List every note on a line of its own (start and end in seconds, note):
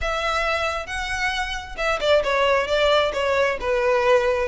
0.01 0.86 E5
0.86 1.76 F#5
1.77 1.99 E5
2.00 2.22 D5
2.23 2.67 C#5
2.67 3.12 D5
3.13 3.58 C#5
3.60 4.48 B4